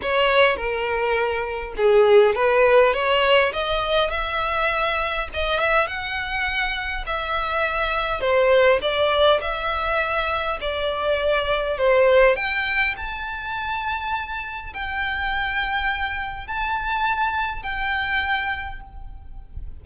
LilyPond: \new Staff \with { instrumentName = "violin" } { \time 4/4 \tempo 4 = 102 cis''4 ais'2 gis'4 | b'4 cis''4 dis''4 e''4~ | e''4 dis''8 e''8 fis''2 | e''2 c''4 d''4 |
e''2 d''2 | c''4 g''4 a''2~ | a''4 g''2. | a''2 g''2 | }